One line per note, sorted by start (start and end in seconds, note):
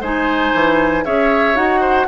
0.00 0.52 G#3
0.00 1.04 D#4
0.00 1.04 C5
0.00 1.05 G#5
0.53 1.05 E3
1.04 1.55 C#4
1.04 1.54 G#4
1.04 1.80 C#5
1.04 1.56 E5
1.54 2.07 D#4
1.54 2.06 F#4
1.54 2.07 F#5
1.80 2.06 C5